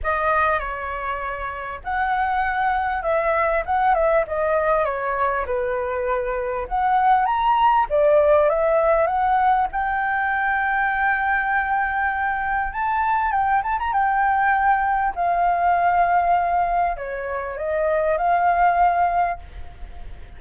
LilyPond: \new Staff \with { instrumentName = "flute" } { \time 4/4 \tempo 4 = 99 dis''4 cis''2 fis''4~ | fis''4 e''4 fis''8 e''8 dis''4 | cis''4 b'2 fis''4 | ais''4 d''4 e''4 fis''4 |
g''1~ | g''4 a''4 g''8 a''16 ais''16 g''4~ | g''4 f''2. | cis''4 dis''4 f''2 | }